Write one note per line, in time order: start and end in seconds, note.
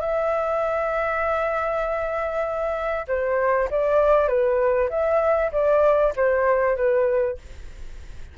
0.00 3.06 E5
3.08 3.69 C5
3.70 4.28 D5
4.28 4.89 B4
4.90 5.51 E5
5.52 6.13 D5
6.16 6.76 C5
6.76 7.37 B4